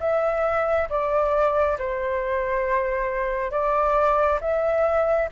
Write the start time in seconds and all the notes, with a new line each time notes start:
0.00 E5
0.89 D5
1.78 C5
3.51 D5
4.40 E5